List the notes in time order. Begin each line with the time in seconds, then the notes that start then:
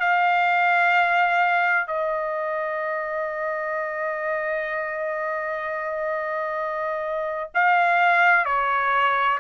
0.00 F5
1.87 D#5
7.55 F5
8.45 C#5